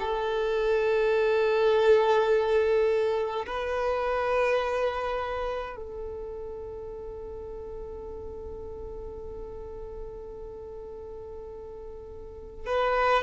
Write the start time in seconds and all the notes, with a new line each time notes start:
0.00 A4
3.47 B4
5.76 A4
12.67 B4